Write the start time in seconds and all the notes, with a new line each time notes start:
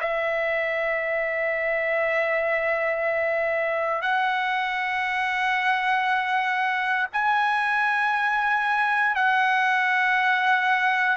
0.00 E5
4.02 F#5
7.13 G#5
9.16 F#5